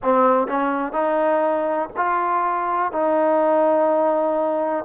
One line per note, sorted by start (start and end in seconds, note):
0.02 0.47 C4
0.47 0.92 C#4
0.92 1.89 D#4
1.96 2.92 F4
2.92 4.84 D#4